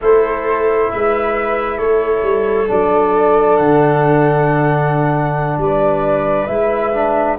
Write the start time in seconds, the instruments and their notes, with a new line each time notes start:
0.01 tuba A3, trombone E4, viola A4, flute C5
0.90 tuba G#3, viola B4, flute E5
1.77 tuba A3, viola A4, flute C#5
2.22 tuba G3
2.67 tuba F#3, trombone D4, flute D5
3.57 tuba D3, flute F#5
5.57 tuba G3, viola B4, flute D5
6.46 tuba G#3, trombone E4, flute E5
6.93 trombone D4